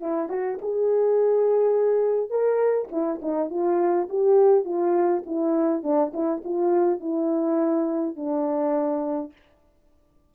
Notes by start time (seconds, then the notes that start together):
0.00 E4
0.29 F#4
0.61 G#4
2.30 A#4
2.91 E4
3.21 D#4
3.50 F4
4.09 G4
4.64 F4
5.25 E4
5.83 D4
6.13 E4
6.44 F4
7.00 E4
8.16 D4